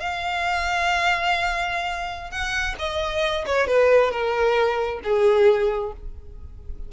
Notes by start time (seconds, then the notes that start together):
0.00 F5
2.31 F#5
2.79 D#5
3.46 C#5
3.67 B4
4.11 A#4
5.04 G#4